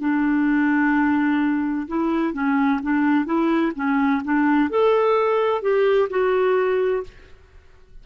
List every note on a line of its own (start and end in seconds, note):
0.00 1.87 D4
1.87 2.33 E4
2.33 2.80 C#4
2.83 3.25 D4
3.25 3.72 E4
3.75 4.22 C#4
4.24 4.70 D4
4.70 5.62 A4
5.62 6.09 G4
6.09 7.03 F#4